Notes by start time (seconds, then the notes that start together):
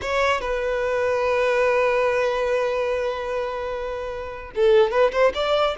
0.01 C#5
0.40 B4
4.55 A4
4.91 B4
5.12 C5
5.34 D5